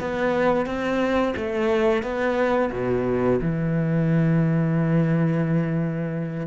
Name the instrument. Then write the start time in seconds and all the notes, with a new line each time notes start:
cello
0.00 B3
0.66 C4
1.37 A3
2.03 B3
2.72 B2
3.42 E3